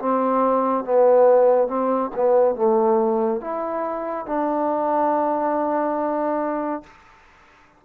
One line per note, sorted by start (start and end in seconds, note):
0.00 0.85 C4
0.85 1.68 B3
1.68 2.11 C4
2.15 2.56 B3
2.56 3.41 A3
3.41 4.27 E4
4.27 6.84 D4